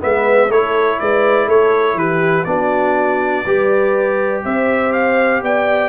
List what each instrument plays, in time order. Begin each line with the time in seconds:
0.00 tuba G#3, trombone B3, horn B4, trumpet E5
0.49 tuba A3, trombone E4, horn A4, trumpet C#5
0.99 tuba G#3, horn B4, trumpet D5
1.47 tuba A3, horn A4, trumpet C#5
1.94 tuba E3, horn G4, trumpet B4
2.44 tuba B3, trombone D4, horn F#4, trumpet D5
3.45 tuba G3, trombone G4, horn B4
4.45 tuba C4, horn C5, trumpet E5
4.92 trumpet F5
5.42 tuba B3, horn D5, trumpet G5